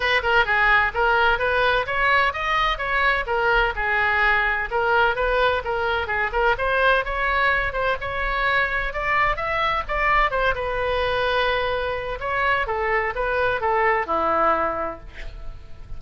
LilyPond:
\new Staff \with { instrumentName = "oboe" } { \time 4/4 \tempo 4 = 128 b'8 ais'8 gis'4 ais'4 b'4 | cis''4 dis''4 cis''4 ais'4 | gis'2 ais'4 b'4 | ais'4 gis'8 ais'8 c''4 cis''4~ |
cis''8 c''8 cis''2 d''4 | e''4 d''4 c''8 b'4.~ | b'2 cis''4 a'4 | b'4 a'4 e'2 | }